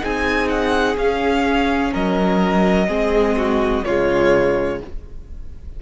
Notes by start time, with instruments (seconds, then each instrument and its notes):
0.00 cello C4, viola D#4, violin G#4 G#5
0.49 violin F#5
0.97 cello C#4, viola C#4, violin F5
1.93 cello F#3, violin A#4 D#5
2.88 cello G#3, viola C4, violin G#4
3.37 violin F#4
3.85 cello C#3, viola G#3, violin F4 C#5